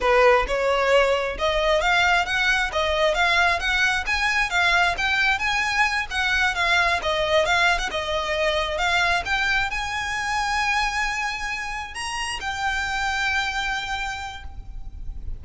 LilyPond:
\new Staff \with { instrumentName = "violin" } { \time 4/4 \tempo 4 = 133 b'4 cis''2 dis''4 | f''4 fis''4 dis''4 f''4 | fis''4 gis''4 f''4 g''4 | gis''4. fis''4 f''4 dis''8~ |
dis''8 f''8. fis''16 dis''2 f''8~ | f''8 g''4 gis''2~ gis''8~ | gis''2~ gis''8 ais''4 g''8~ | g''1 | }